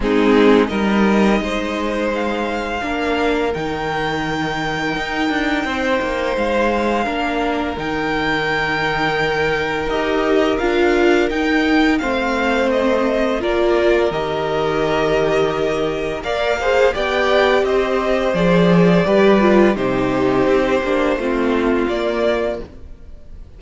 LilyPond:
<<
  \new Staff \with { instrumentName = "violin" } { \time 4/4 \tempo 4 = 85 gis'4 dis''2 f''4~ | f''4 g''2.~ | g''4 f''2 g''4~ | g''2 dis''4 f''4 |
g''4 f''4 dis''4 d''4 | dis''2. f''4 | g''4 dis''4 d''2 | c''2. d''4 | }
  \new Staff \with { instrumentName = "violin" } { \time 4/4 dis'4 ais'4 c''2 | ais'1 | c''2 ais'2~ | ais'1~ |
ais'4 c''2 ais'4~ | ais'2. d''8 c''8 | d''4 c''2 b'4 | g'2 f'2 | }
  \new Staff \with { instrumentName = "viola" } { \time 4/4 c'4 dis'2. | d'4 dis'2.~ | dis'2 d'4 dis'4~ | dis'2 g'4 f'4 |
dis'4 c'2 f'4 | g'2. ais'8 gis'8 | g'2 gis'4 g'8 f'8 | dis'4. d'8 c'4 ais4 | }
  \new Staff \with { instrumentName = "cello" } { \time 4/4 gis4 g4 gis2 | ais4 dis2 dis'8 d'8 | c'8 ais8 gis4 ais4 dis4~ | dis2 dis'4 d'4 |
dis'4 a2 ais4 | dis2. ais4 | b4 c'4 f4 g4 | c4 c'8 ais8 a4 ais4 | }
>>